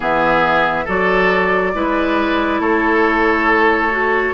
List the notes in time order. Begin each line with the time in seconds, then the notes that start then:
0.00 E3 B3 G#4 E5
0.84 F#3 F#4 A4 D5
1.73 G#3 E4 B4
2.59 A3 A4 C#5
3.90 F#4